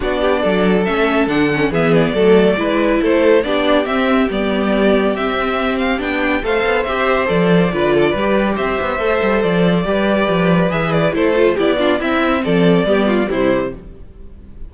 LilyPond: <<
  \new Staff \with { instrumentName = "violin" } { \time 4/4 \tempo 4 = 140 d''2 e''4 fis''4 | e''8 d''2~ d''8 c''4 | d''4 e''4 d''2 | e''4. f''8 g''4 f''4 |
e''4 d''2. | e''2 d''2~ | d''4 e''8 d''8 c''4 d''4 | e''4 d''2 c''4 | }
  \new Staff \with { instrumentName = "violin" } { \time 4/4 fis'8 g'8 a'2. | gis'4 a'4 b'4 a'4 | g'1~ | g'2. c''4~ |
c''2 b'8 a'8 b'4 | c''2. b'4~ | b'2 a'4 g'8 f'8 | e'4 a'4 g'8 f'8 e'4 | }
  \new Staff \with { instrumentName = "viola" } { \time 4/4 d'2 cis'4 d'8 cis'8 | b4 a4 e'2 | d'4 c'4 b2 | c'2 d'4 a'4 |
g'4 a'4 f'4 g'4~ | g'4 a'2 g'4~ | g'4 gis'4 e'8 f'8 e'8 d'8 | c'2 b4 g4 | }
  \new Staff \with { instrumentName = "cello" } { \time 4/4 b4 fis4 a4 d4 | e4 fis4 gis4 a4 | b4 c'4 g2 | c'2 b4 a8 b8 |
c'4 f4 d4 g4 | c'8 b8 a8 g8 f4 g4 | f4 e4 a4 b4 | c'4 f4 g4 c4 | }
>>